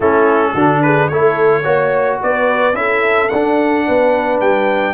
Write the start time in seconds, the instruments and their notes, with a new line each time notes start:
0.00 tuba A3, trombone C#4, horn E4, trumpet A4
0.53 tuba D3, trombone D4, horn F#4
0.82 horn G#4, trumpet B4
1.08 tuba A3, trombone E4, horn A4, trumpet C#5
1.62 tuba A#3, trombone F#4, horn C#5
2.22 tuba B3, horn B4, trumpet D5
2.73 tuba C#4, trombone E4, horn A4, trumpet E5
3.28 tuba D4, trombone D4, trumpet F#5
3.86 tuba B3, horn B4
4.40 tuba G3, trumpet G5